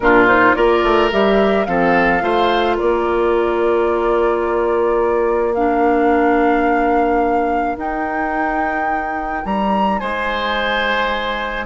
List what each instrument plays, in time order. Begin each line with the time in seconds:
0.00 bassoon A#2, clarinet D4, oboe F4, flute A#4
0.27 clarinet D#4, flute C5
0.54 bassoon A#3, clarinet F4, oboe A#4, flute D5
0.83 bassoon A3
1.11 bassoon G3, clarinet G4, flute E5
1.65 bassoon F3, clarinet C4, oboe A4, flute F5
2.20 bassoon A3, clarinet F4, oboe C5
2.76 bassoon A#3, oboe A#4, flute D5
5.53 clarinet D4, flute F5
7.77 bassoon D#4, clarinet D#4, flute G5
9.45 bassoon G3, flute A#5
9.98 bassoon G#3, oboe C5, flute G#5